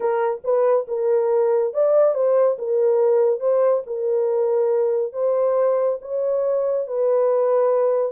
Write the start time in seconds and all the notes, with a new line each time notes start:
0.00 A#4
0.43 B4
0.87 A#4
1.73 D5
2.14 C5
2.58 A#4
3.40 C5
3.86 A#4
5.13 C5
6.01 C#5
6.87 B4